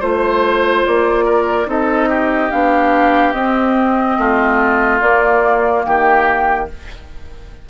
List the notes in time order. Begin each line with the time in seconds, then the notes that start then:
0.00 A3 F4 C5
0.86 A#3 D5
1.25 A#4
1.66 C4 D#4 A4 D#5
2.09 G4
2.51 B3 D4 F5
3.33 C4 D#5
4.18 A3 F4
5.01 A#3 D5
5.85 D#3 G4 G5